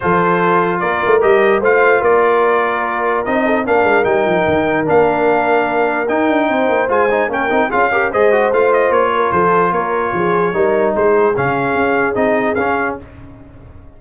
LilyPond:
<<
  \new Staff \with { instrumentName = "trumpet" } { \time 4/4 \tempo 4 = 148 c''2 d''4 dis''4 | f''4 d''2. | dis''4 f''4 g''2 | f''2. g''4~ |
g''4 gis''4 g''4 f''4 | dis''4 f''8 dis''8 cis''4 c''4 | cis''2. c''4 | f''2 dis''4 f''4 | }
  \new Staff \with { instrumentName = "horn" } { \time 4/4 a'2 ais'2 | c''4 ais'2.~ | ais'8 a'8 ais'2.~ | ais'1 |
c''2 ais'4 gis'8 ais'8 | c''2~ c''8 ais'8 a'4 | ais'4 gis'4 ais'4 gis'4~ | gis'1 | }
  \new Staff \with { instrumentName = "trombone" } { \time 4/4 f'2. g'4 | f'1 | dis'4 d'4 dis'2 | d'2. dis'4~ |
dis'4 f'8 dis'8 cis'8 dis'8 f'8 g'8 | gis'8 fis'8 f'2.~ | f'2 dis'2 | cis'2 dis'4 cis'4 | }
  \new Staff \with { instrumentName = "tuba" } { \time 4/4 f2 ais8 a8 g4 | a4 ais2. | c'4 ais8 gis8 g8 f8 dis4 | ais2. dis'8 d'8 |
c'8 ais8 gis4 ais8 c'8 cis'4 | gis4 a4 ais4 f4 | ais4 f4 g4 gis4 | cis4 cis'4 c'4 cis'4 | }
>>